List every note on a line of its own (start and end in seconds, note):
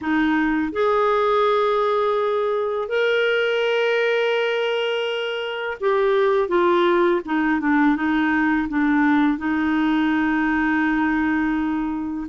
0.01 0.72 D#4
0.72 2.88 G#4
2.88 5.77 A#4
5.80 6.48 G4
6.48 7.21 F4
7.25 7.60 D#4
7.60 7.96 D4
7.96 8.68 D#4
8.68 9.37 D4
9.37 12.27 D#4